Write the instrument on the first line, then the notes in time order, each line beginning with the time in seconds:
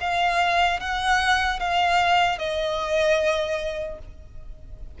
violin
0.00 F5
0.80 F#5
1.59 F5
2.38 D#5